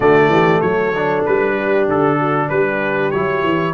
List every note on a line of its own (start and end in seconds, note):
0.00 0.28 D3
0.00 0.92 A3
0.00 0.30 F#4
0.00 0.60 D5
0.28 0.60 E3
0.28 0.62 G4
0.60 1.24 F#3
0.60 1.55 A4
0.60 1.23 C#5
0.95 3.12 D4
1.25 1.88 G3
1.25 1.88 B4
1.56 2.18 G4
1.88 2.50 D3
1.88 2.49 A4
2.18 2.49 F#4
2.49 3.12 G3
2.49 3.73 G4
2.49 3.11 B4
3.11 3.43 F#3
3.11 3.73 E4
3.11 3.73 C#5
3.43 3.73 E3